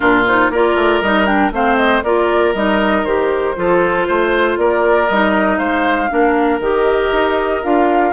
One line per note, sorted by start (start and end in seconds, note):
0.00 0.50 A#2
0.00 0.25 D4
0.00 0.51 F4
0.00 0.24 A#4
0.26 0.53 D#4
0.26 0.52 C5
0.50 0.75 A#3
0.50 1.04 F4
0.50 1.53 A#4
0.50 1.02 D5
0.75 1.00 A3
1.01 1.51 G3
1.01 1.25 D#4
1.01 1.26 D#5
1.25 1.51 D4
1.25 1.51 G5
1.51 2.02 A3
1.51 2.04 C4
1.51 2.04 C5
1.51 1.76 F5
1.76 2.02 D#5
2.03 2.54 A#3
2.03 2.55 F4
2.03 3.56 A#4
2.03 2.54 D5
2.54 3.04 G3
2.54 3.06 D#4
2.54 3.04 D#5
3.04 3.55 D#3
3.04 3.55 G4
3.04 4.57 C5
3.55 4.08 F3
3.55 5.08 F4
3.55 4.07 A4
4.07 4.57 A3
4.07 4.58 C5
4.57 5.08 A#3
4.57 5.58 A#4
4.57 5.08 D5
5.08 5.59 G3
5.08 6.09 D#4
5.08 5.58 D#5
5.58 6.10 G#3
5.58 6.09 C5
5.58 6.59 F5
6.09 6.59 A#3
6.09 6.60 D4
6.09 8.13 A#4
6.59 7.10 D#3
6.59 7.63 G4
6.59 7.63 D#5
7.12 7.62 D#4
7.63 8.13 D4
7.63 8.13 F4
7.63 8.13 F5